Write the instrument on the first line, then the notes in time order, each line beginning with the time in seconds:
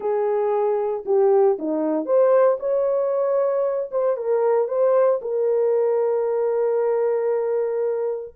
horn
0.00 G#4
1.05 G4
1.58 D#4
2.05 C5
2.59 C#5
3.91 C5
4.16 A#4
4.68 C5
5.21 A#4